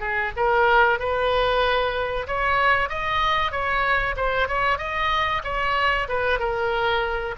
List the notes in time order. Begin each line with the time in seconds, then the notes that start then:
0.00 G#4
0.36 A#4
0.99 B4
2.27 C#5
2.90 D#5
3.52 C#5
4.16 C5
4.48 C#5
4.78 D#5
5.44 C#5
6.08 B4
6.39 A#4